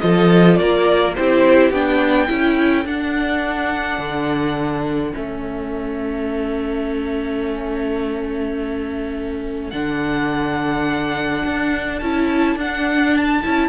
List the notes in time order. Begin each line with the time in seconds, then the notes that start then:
0.00 F3 F4 A4 D#5
0.57 A#3 A#4 D5
1.16 C4 E4 G4 C5
1.71 B3 D4 G5
2.28 C#4 E4 A4
2.85 D4 F#5
3.99 D3
5.13 A3 C#4 E5
9.71 D3 D4 F#5
11.44 D4
11.99 C#4 E4 A5
12.56 D4 F#5
13.17 A5
13.43 C#4 E4